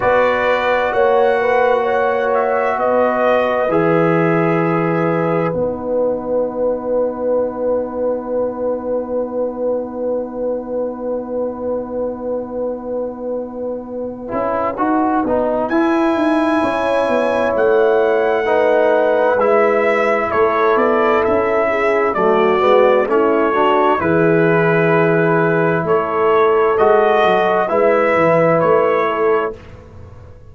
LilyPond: <<
  \new Staff \with { instrumentName = "trumpet" } { \time 4/4 \tempo 4 = 65 d''4 fis''4. e''8 dis''4 | e''2 fis''2~ | fis''1~ | fis''1~ |
fis''4 gis''2 fis''4~ | fis''4 e''4 cis''8 d''8 e''4 | d''4 cis''4 b'2 | cis''4 dis''4 e''4 cis''4 | }
  \new Staff \with { instrumentName = "horn" } { \time 4/4 b'4 cis''8 b'8 cis''4 b'4~ | b'1~ | b'1~ | b'1~ |
b'2 cis''2 | b'2 a'4. gis'8 | fis'4 e'8 fis'8 gis'2 | a'2 b'4. a'8 | }
  \new Staff \with { instrumentName = "trombone" } { \time 4/4 fis'1 | gis'2 dis'2~ | dis'1~ | dis'2.~ dis'8 e'8 |
fis'8 dis'8 e'2. | dis'4 e'2. | a8 b8 cis'8 d'8 e'2~ | e'4 fis'4 e'2 | }
  \new Staff \with { instrumentName = "tuba" } { \time 4/4 b4 ais2 b4 | e2 b2~ | b1~ | b2.~ b8 cis'8 |
dis'8 b8 e'8 dis'8 cis'8 b8 a4~ | a4 gis4 a8 b8 cis'4 | fis8 gis8 a4 e2 | a4 gis8 fis8 gis8 e8 a4 | }
>>